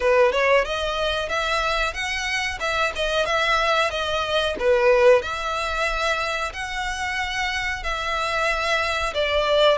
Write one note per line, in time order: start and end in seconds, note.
0.00 0.32 B4
0.32 0.64 C#5
0.64 1.29 D#5
1.29 1.93 E5
1.93 2.58 F#5
2.59 2.92 E5
2.95 3.25 D#5
3.25 3.90 E5
3.90 4.55 D#5
4.59 5.21 B4
5.21 6.52 E5
6.53 7.83 F#5
7.83 9.13 E5
9.14 9.77 D5